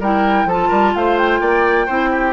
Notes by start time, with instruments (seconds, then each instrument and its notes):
0.00 bassoon G3, clarinet E4, oboe A#4, flute G5
0.46 bassoon F3, clarinet F4, oboe A4, flute A5
0.69 bassoon G3, oboe A#4
0.96 bassoon A3, oboe C5, flute F5
1.18 flute G5
1.41 bassoon A#3, oboe D5
1.87 bassoon C4, clarinet E4, oboe C5
2.12 oboe G4